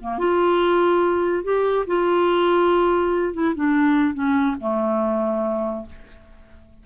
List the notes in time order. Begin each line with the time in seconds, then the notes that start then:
0.00 A#3
0.18 F4
1.43 G4
1.87 F4
3.33 E4
3.55 D4
4.14 C#4
4.60 A3